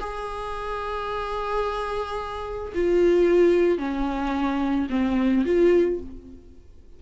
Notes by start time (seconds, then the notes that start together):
0.00 G#4
2.75 F4
3.79 C#4
4.90 C4
5.46 F4